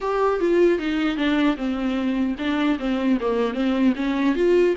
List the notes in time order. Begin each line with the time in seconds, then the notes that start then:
0.00 G4
0.39 F4
0.79 D#4
1.16 D4
1.56 C4
2.38 D4
2.78 C4
3.20 A#3
3.53 C4
3.95 C#4
4.35 F4